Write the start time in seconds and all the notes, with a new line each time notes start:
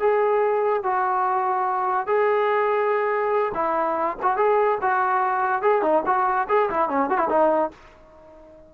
0.00 G#4
0.84 F#4
2.07 G#4
3.55 E4
4.23 F#4
4.37 G#4
4.82 F#4
5.62 G#4
5.82 D#4
6.06 F#4
6.49 G#4
6.70 E4
6.89 C#4
7.10 F#4
7.18 E4
7.30 D#4